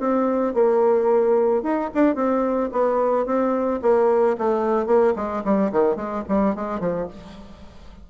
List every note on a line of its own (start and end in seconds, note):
0.00 0.54 C4
0.54 1.63 A#3
1.63 1.90 D#4
1.95 2.16 D4
2.16 2.70 C4
2.73 3.27 B3
3.27 3.81 C4
3.83 4.37 A#3
4.39 4.87 A3
4.87 5.14 A#3
5.16 5.44 G#3
5.45 5.72 G3
5.72 5.96 D#3
5.96 6.24 G#3
6.29 6.56 G3
6.56 6.81 G#3
6.81 7.08 F3